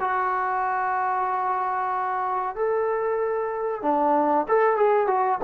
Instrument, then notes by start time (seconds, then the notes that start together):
trombone
0.00 F#4
2.55 A4
3.82 D4
4.48 A4
4.77 G#4
5.07 F#4